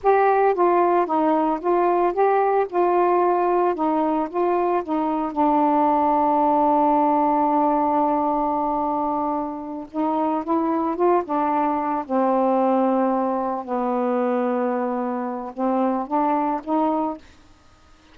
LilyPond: \new Staff \with { instrumentName = "saxophone" } { \time 4/4 \tempo 4 = 112 g'4 f'4 dis'4 f'4 | g'4 f'2 dis'4 | f'4 dis'4 d'2~ | d'1~ |
d'2~ d'8 dis'4 e'8~ | e'8 f'8 d'4. c'4.~ | c'4. b2~ b8~ | b4 c'4 d'4 dis'4 | }